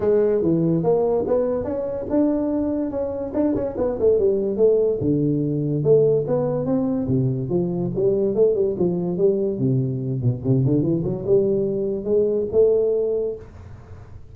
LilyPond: \new Staff \with { instrumentName = "tuba" } { \time 4/4 \tempo 4 = 144 gis4 e4 ais4 b4 | cis'4 d'2 cis'4 | d'8 cis'8 b8 a8 g4 a4 | d2 a4 b4 |
c'4 c4 f4 g4 | a8 g8 f4 g4 c4~ | c8 b,8 c8 d8 e8 fis8 g4~ | g4 gis4 a2 | }